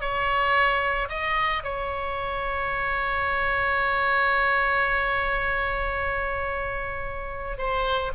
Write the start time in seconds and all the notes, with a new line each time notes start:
0.00 C#5
1.09 D#5
1.63 C#5
7.57 C5